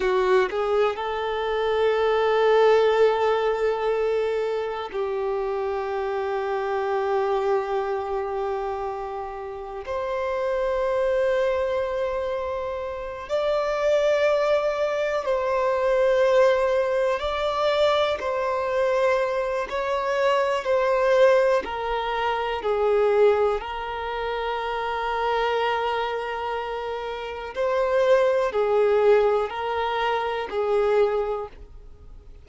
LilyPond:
\new Staff \with { instrumentName = "violin" } { \time 4/4 \tempo 4 = 61 fis'8 gis'8 a'2.~ | a'4 g'2.~ | g'2 c''2~ | c''4. d''2 c''8~ |
c''4. d''4 c''4. | cis''4 c''4 ais'4 gis'4 | ais'1 | c''4 gis'4 ais'4 gis'4 | }